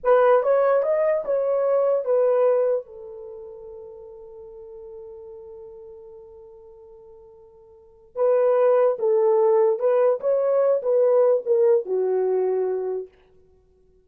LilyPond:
\new Staff \with { instrumentName = "horn" } { \time 4/4 \tempo 4 = 147 b'4 cis''4 dis''4 cis''4~ | cis''4 b'2 a'4~ | a'1~ | a'1~ |
a'1 | b'2 a'2 | b'4 cis''4. b'4. | ais'4 fis'2. | }